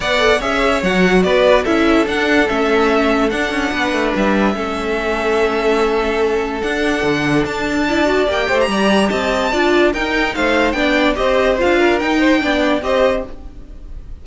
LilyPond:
<<
  \new Staff \with { instrumentName = "violin" } { \time 4/4 \tempo 4 = 145 fis''4 e''4 fis''4 d''4 | e''4 fis''4 e''2 | fis''2 e''2~ | e''1 |
fis''2 a''2 | g''8. ais''4~ ais''16 a''2 | g''4 f''4 g''4 dis''4 | f''4 g''2 dis''4 | }
  \new Staff \with { instrumentName = "violin" } { \time 4/4 d''4 cis''2 b'4 | a'1~ | a'4 b'2 a'4~ | a'1~ |
a'2. d''4~ | d''8 c''8 d''4 dis''4 d''4 | ais'4 c''4 d''4 c''4~ | c''8 ais'4 c''8 d''4 c''4 | }
  \new Staff \with { instrumentName = "viola" } { \time 4/4 b'8 a'8 gis'4 fis'2 | e'4 d'4 cis'2 | d'2. cis'4~ | cis'1 |
d'2. e'8 fis'8 | g'2. f'4 | dis'2 d'4 g'4 | f'4 dis'4 d'4 g'4 | }
  \new Staff \with { instrumentName = "cello" } { \time 4/4 b4 cis'4 fis4 b4 | cis'4 d'4 a2 | d'8 cis'8 b8 a8 g4 a4~ | a1 |
d'4 d4 d'2 | ais8 a8 g4 c'4 d'4 | dis'4 a4 b4 c'4 | d'4 dis'4 b4 c'4 | }
>>